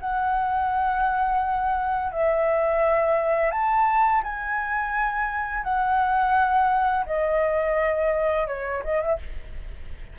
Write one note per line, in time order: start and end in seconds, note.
0.00 2.12 F#5
2.12 3.51 E5
3.51 4.22 A5
4.23 5.63 G#5
5.63 7.05 F#5
7.06 8.47 D#5
8.47 8.82 C#5
8.84 9.01 D#5
9.01 9.18 E5